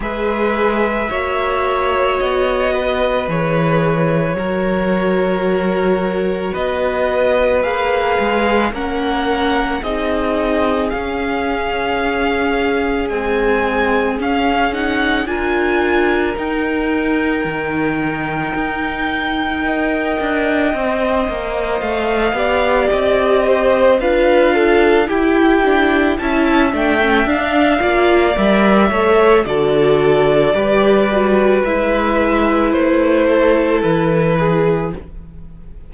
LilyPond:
<<
  \new Staff \with { instrumentName = "violin" } { \time 4/4 \tempo 4 = 55 e''2 dis''4 cis''4~ | cis''2 dis''4 f''4 | fis''4 dis''4 f''2 | gis''4 f''8 fis''8 gis''4 g''4~ |
g''1 | f''4 dis''4 f''4 g''4 | a''8 g''8 f''4 e''4 d''4~ | d''4 e''4 c''4 b'4 | }
  \new Staff \with { instrumentName = "violin" } { \time 4/4 b'4 cis''4. b'4. | ais'2 b'2 | ais'4 gis'2.~ | gis'2 ais'2~ |
ais'2 dis''2~ | dis''8 d''4 c''8 b'8 a'8 g'4 | e''4. d''4 cis''8 a'4 | b'2~ b'8 a'4 gis'8 | }
  \new Staff \with { instrumentName = "viola" } { \time 4/4 gis'4 fis'2 gis'4 | fis'2. gis'4 | cis'4 dis'4 cis'2 | gis4 cis'8 dis'8 f'4 dis'4~ |
dis'2 ais'4 c''4~ | c''8 g'4. f'4 e'8 d'8 | e'8 d'16 cis'16 d'8 f'8 ais'8 a'8 fis'4 | g'8 fis'8 e'2. | }
  \new Staff \with { instrumentName = "cello" } { \time 4/4 gis4 ais4 b4 e4 | fis2 b4 ais8 gis8 | ais4 c'4 cis'2 | c'4 cis'4 d'4 dis'4 |
dis4 dis'4. d'8 c'8 ais8 | a8 b8 c'4 d'4 e'4 | cis'8 a8 d'8 ais8 g8 a8 d4 | g4 gis4 a4 e4 | }
>>